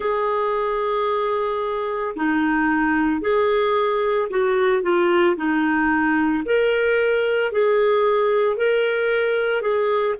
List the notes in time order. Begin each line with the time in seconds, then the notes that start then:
0.00 G#4
2.16 D#4
3.21 G#4
4.30 F#4
4.82 F4
5.36 D#4
6.45 A#4
7.52 G#4
8.57 A#4
9.61 G#4